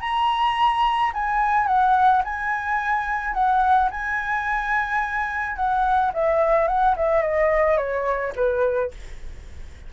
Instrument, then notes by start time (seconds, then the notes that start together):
flute
0.00 A#5
1.13 G#5
1.66 F#5
2.24 G#5
3.33 F#5
3.90 G#5
5.56 F#5
6.14 E5
6.67 F#5
6.96 E5
7.22 D#5
7.77 C#5
8.35 B4